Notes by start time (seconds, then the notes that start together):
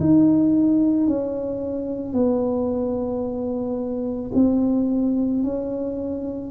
0.00 D#4
1.07 C#4
2.13 B3
4.34 C4
5.43 C#4